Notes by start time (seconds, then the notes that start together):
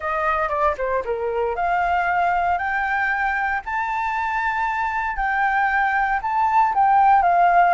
0.00 D#5
0.49 D5
0.77 C5
1.04 A#4
1.55 F5
2.58 G5
3.65 A5
5.16 G5
6.22 A5
6.74 G5
7.22 F5